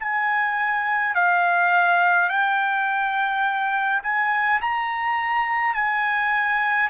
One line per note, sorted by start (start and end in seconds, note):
0.00 1.15 G#5
1.15 2.30 F5
2.30 4.03 G5
4.03 4.61 G#5
4.62 5.75 A#5
5.75 6.90 G#5